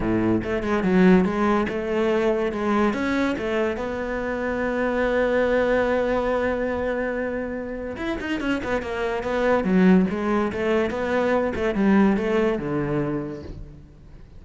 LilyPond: \new Staff \with { instrumentName = "cello" } { \time 4/4 \tempo 4 = 143 a,4 a8 gis8 fis4 gis4 | a2 gis4 cis'4 | a4 b2.~ | b1~ |
b2. e'8 dis'8 | cis'8 b8 ais4 b4 fis4 | gis4 a4 b4. a8 | g4 a4 d2 | }